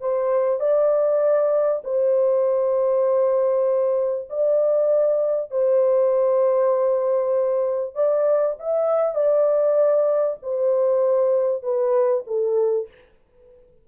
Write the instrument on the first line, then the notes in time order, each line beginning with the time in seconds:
horn
0.00 C5
0.60 D5
1.84 C5
4.30 D5
5.51 C5
7.95 D5
8.59 E5
9.14 D5
10.42 C5
11.62 B4
12.27 A4